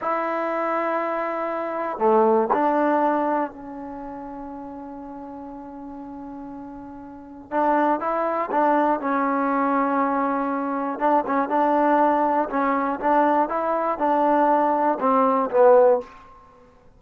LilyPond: \new Staff \with { instrumentName = "trombone" } { \time 4/4 \tempo 4 = 120 e'1 | a4 d'2 cis'4~ | cis'1~ | cis'2. d'4 |
e'4 d'4 cis'2~ | cis'2 d'8 cis'8 d'4~ | d'4 cis'4 d'4 e'4 | d'2 c'4 b4 | }